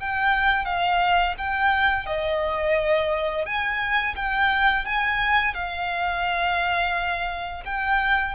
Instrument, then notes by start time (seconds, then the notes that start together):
violin
0.00 G5
0.66 F5
1.38 G5
2.07 D#5
3.46 G#5
4.16 G5
4.86 G#5
5.55 F5
7.66 G5